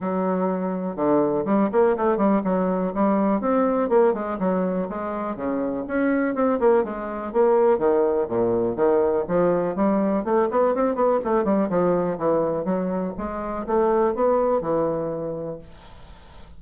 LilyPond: \new Staff \with { instrumentName = "bassoon" } { \time 4/4 \tempo 4 = 123 fis2 d4 g8 ais8 | a8 g8 fis4 g4 c'4 | ais8 gis8 fis4 gis4 cis4 | cis'4 c'8 ais8 gis4 ais4 |
dis4 ais,4 dis4 f4 | g4 a8 b8 c'8 b8 a8 g8 | f4 e4 fis4 gis4 | a4 b4 e2 | }